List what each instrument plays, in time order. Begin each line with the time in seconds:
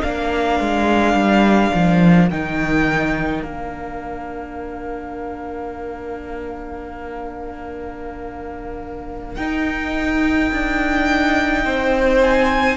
0.00 cello A#3, viola D4, violin A#4 F5
0.60 cello G#3
1.14 cello G3
1.74 cello F3
2.30 cello D#3, viola D#4, violin G5
3.42 cello A#3, viola D4, violin F5
9.35 cello D#4, viola D#4, violin G5
10.51 cello D4
11.65 cello C4, violin C5
12.21 violin G#5